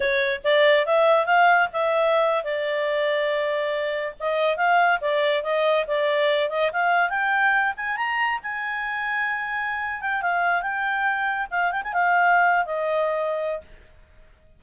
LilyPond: \new Staff \with { instrumentName = "clarinet" } { \time 4/4 \tempo 4 = 141 cis''4 d''4 e''4 f''4 | e''4.~ e''16 d''2~ d''16~ | d''4.~ d''16 dis''4 f''4 d''16~ | d''8. dis''4 d''4. dis''8 f''16~ |
f''8. g''4. gis''8 ais''4 gis''16~ | gis''2.~ gis''8 g''8 | f''4 g''2 f''8 g''16 gis''16 | f''4.~ f''16 dis''2~ dis''16 | }